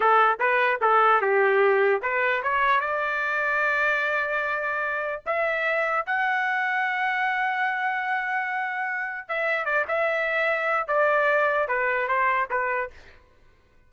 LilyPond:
\new Staff \with { instrumentName = "trumpet" } { \time 4/4 \tempo 4 = 149 a'4 b'4 a'4 g'4~ | g'4 b'4 cis''4 d''4~ | d''1~ | d''4 e''2 fis''4~ |
fis''1~ | fis''2. e''4 | d''8 e''2~ e''8 d''4~ | d''4 b'4 c''4 b'4 | }